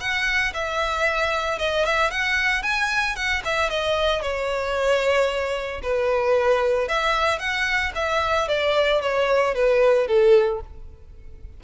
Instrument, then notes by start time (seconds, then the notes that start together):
violin
0.00 F#5
0.54 E5
1.59 D#5
1.85 E5
2.11 F#5
2.63 G#5
3.16 F#5
3.45 E5
3.70 D#5
4.22 C#5
5.83 B4
6.88 E5
7.39 F#5
7.95 E5
8.48 D5
9.01 C#5
9.55 B4
10.07 A4